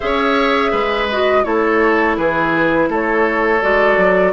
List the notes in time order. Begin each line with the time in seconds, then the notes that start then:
0.00 C#4 G#4 C#5 E5
0.71 G#3 B4
1.09 F#4 D#5
1.43 A3 E4 A4 C#5
2.17 E3 G#4 B4
2.88 A3 A4 C#5
3.62 G#3 F#4 D5
3.97 F#3